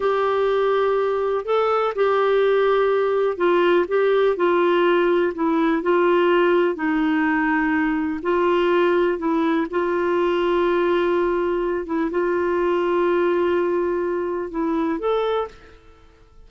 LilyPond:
\new Staff \with { instrumentName = "clarinet" } { \time 4/4 \tempo 4 = 124 g'2. a'4 | g'2. f'4 | g'4 f'2 e'4 | f'2 dis'2~ |
dis'4 f'2 e'4 | f'1~ | f'8 e'8 f'2.~ | f'2 e'4 a'4 | }